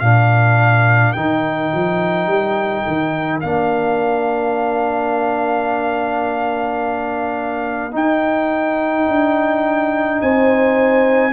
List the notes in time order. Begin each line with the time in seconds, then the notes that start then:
0.00 A#2 D4 A#4 F5
1.12 D#3 D#4 G5
1.74 F3
2.27 G3
2.87 D#3
3.41 A#3 D4 F5
7.92 D#4 G5
9.08 D4
10.21 C4 C5 G#5